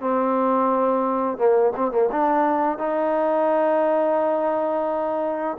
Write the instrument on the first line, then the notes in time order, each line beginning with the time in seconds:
trombone
0.00 C4
1.37 A#3
1.76 C4
1.91 A#3
2.11 D4
2.78 D#4